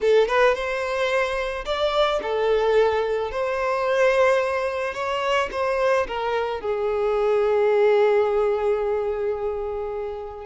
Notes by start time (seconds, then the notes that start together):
0.01 A4
0.28 B4
0.54 C5
1.65 D5
2.22 A4
3.31 C5
4.94 C#5
5.51 C5
6.07 A#4
6.61 G#4